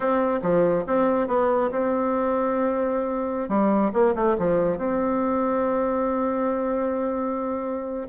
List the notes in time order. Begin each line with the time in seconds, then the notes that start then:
0.00 C4
0.42 F3
0.86 C4
1.27 B3
1.71 C4
3.48 G3
3.93 A#3
4.15 A3
4.38 F3
4.77 C4